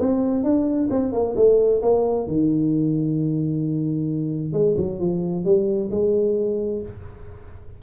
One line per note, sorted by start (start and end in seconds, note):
0.00 0.44 C4
0.44 0.89 D4
0.90 1.13 C4
1.13 1.35 A#3
1.36 1.82 A3
1.82 2.27 A#3
2.27 4.53 D#3
4.53 4.76 G#3
4.77 5.00 F#3
5.00 5.45 F3
5.45 5.90 G3
5.91 6.82 G#3